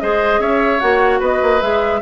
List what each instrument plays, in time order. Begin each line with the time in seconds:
0.00 bassoon G#3, clarinet G#4, oboe C5, flute D#5
0.39 bassoon C#4, oboe C#5, flute E5
0.79 bassoon A#3, clarinet F#4, flute F#5
1.19 bassoon B3, oboe B4, flute D#5
1.41 bassoon A#3
1.61 bassoon G#3, clarinet G#4, flute E5